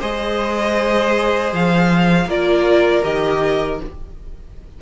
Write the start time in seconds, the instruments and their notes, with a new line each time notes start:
0.00 cello G#3, viola G#4, violin C5 D#5
1.53 cello F3, violin F5
2.26 cello A#3, viola F4, violin A#4 D5
3.03 cello D#3, viola G4, violin D#5